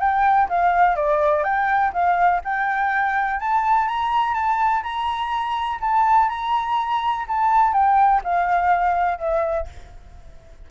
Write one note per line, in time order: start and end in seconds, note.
0.00 0.48 G5
0.49 0.96 F5
0.96 1.44 D5
1.44 1.92 G5
1.93 2.41 F5
2.44 3.40 G5
3.40 3.88 A5
3.88 4.34 A#5
4.34 4.83 A5
4.83 5.80 A#5
5.81 6.29 A5
6.29 7.26 A#5
7.28 7.73 A5
7.73 8.21 G5
8.24 9.18 F5
9.18 9.67 E5